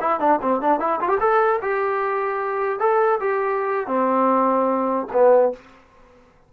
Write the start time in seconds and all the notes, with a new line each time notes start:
0.00 E4
0.20 D4
0.42 C4
0.61 D4
0.80 E4
1.01 F4
1.08 G4
1.20 A4
1.61 G4
2.79 A4
3.20 G4
3.87 C4
5.13 B3